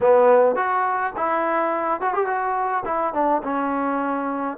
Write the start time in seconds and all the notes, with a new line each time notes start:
0.01 B3
0.55 F#4
1.16 E4
2.01 F#4
2.13 G4
2.26 F#4
2.85 E4
3.13 D4
3.43 C#4